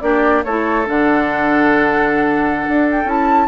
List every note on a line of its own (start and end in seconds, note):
0.00 0.44 A#3
0.00 0.44 D4
0.00 0.45 G4
0.00 0.42 D5
0.44 0.87 A3
0.44 0.85 E4
0.44 3.47 A4
0.44 0.86 C#5
0.85 2.68 D3
0.85 3.06 D4
0.85 2.89 F#5
2.68 3.04 D4
2.91 3.09 G5
3.04 3.47 C#4
3.04 3.47 E4
3.04 3.47 A5